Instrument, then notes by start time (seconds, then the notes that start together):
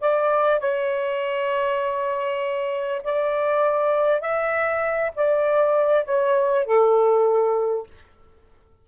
saxophone
0.00 D5
0.60 C#5
3.03 D5
4.21 E5
5.15 D5
6.04 C#5
6.65 A4